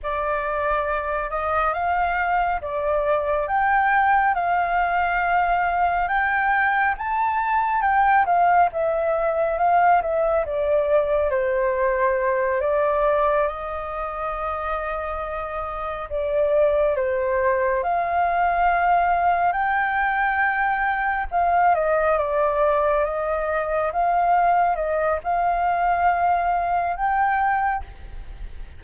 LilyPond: \new Staff \with { instrumentName = "flute" } { \time 4/4 \tempo 4 = 69 d''4. dis''8 f''4 d''4 | g''4 f''2 g''4 | a''4 g''8 f''8 e''4 f''8 e''8 | d''4 c''4. d''4 dis''8~ |
dis''2~ dis''8 d''4 c''8~ | c''8 f''2 g''4.~ | g''8 f''8 dis''8 d''4 dis''4 f''8~ | f''8 dis''8 f''2 g''4 | }